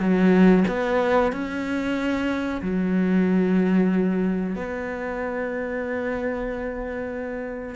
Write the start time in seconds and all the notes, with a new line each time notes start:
0.00 F#3
0.68 B3
1.32 C#4
2.62 F#3
4.56 B3